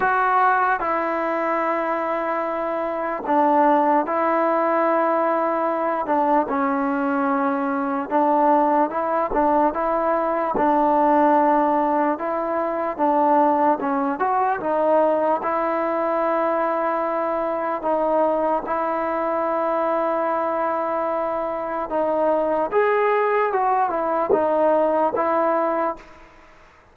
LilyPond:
\new Staff \with { instrumentName = "trombone" } { \time 4/4 \tempo 4 = 74 fis'4 e'2. | d'4 e'2~ e'8 d'8 | cis'2 d'4 e'8 d'8 | e'4 d'2 e'4 |
d'4 cis'8 fis'8 dis'4 e'4~ | e'2 dis'4 e'4~ | e'2. dis'4 | gis'4 fis'8 e'8 dis'4 e'4 | }